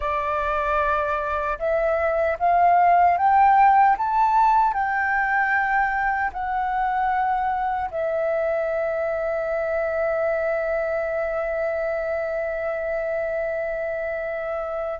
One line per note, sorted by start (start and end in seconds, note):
0.00 1.58 D5
1.58 2.37 E5
2.39 3.17 F5
3.17 3.96 G5
3.97 4.73 A5
4.73 6.31 G5
6.32 7.90 F#5
7.91 14.99 E5